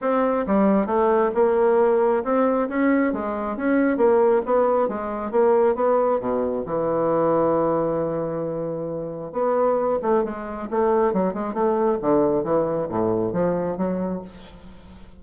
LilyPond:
\new Staff \with { instrumentName = "bassoon" } { \time 4/4 \tempo 4 = 135 c'4 g4 a4 ais4~ | ais4 c'4 cis'4 gis4 | cis'4 ais4 b4 gis4 | ais4 b4 b,4 e4~ |
e1~ | e4 b4. a8 gis4 | a4 fis8 gis8 a4 d4 | e4 a,4 f4 fis4 | }